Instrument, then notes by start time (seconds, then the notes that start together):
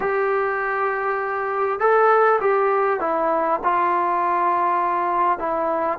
trombone
0.00 G4
1.79 A4
2.40 G4
3.00 E4
3.63 F4
5.38 E4